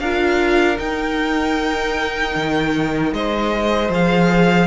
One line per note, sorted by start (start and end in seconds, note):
0.00 0.78 D4
0.00 0.77 F4
0.00 3.14 A#4
0.00 0.78 F5
0.77 3.89 D#4
0.77 2.35 D#4
0.77 3.13 G5
2.36 3.13 D#3
3.13 3.89 G#3
3.13 4.67 C5
3.13 3.91 D#5
3.89 4.67 F3
3.89 4.67 G#4
3.89 4.67 F5